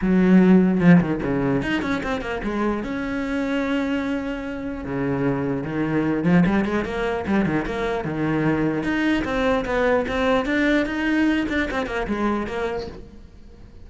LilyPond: \new Staff \with { instrumentName = "cello" } { \time 4/4 \tempo 4 = 149 fis2 f8 dis8 cis4 | dis'8 cis'8 c'8 ais8 gis4 cis'4~ | cis'1 | cis2 dis4. f8 |
g8 gis8 ais4 g8 dis8 ais4 | dis2 dis'4 c'4 | b4 c'4 d'4 dis'4~ | dis'8 d'8 c'8 ais8 gis4 ais4 | }